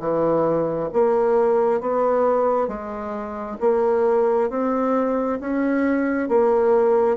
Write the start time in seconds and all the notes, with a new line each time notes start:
0.00 E3
0.93 A#3
1.81 B3
2.68 G#3
3.60 A#3
4.50 C4
5.40 C#4
6.28 A#3